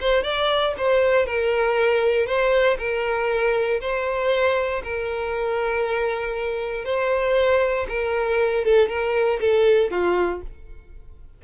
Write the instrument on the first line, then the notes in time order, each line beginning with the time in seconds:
violin
0.00 C5
0.23 D5
0.77 C5
1.26 A#4
2.26 C5
2.78 A#4
3.80 C5
4.83 A#4
6.85 C5
7.88 A#4
8.64 A4
8.88 A#4
9.40 A4
9.90 F4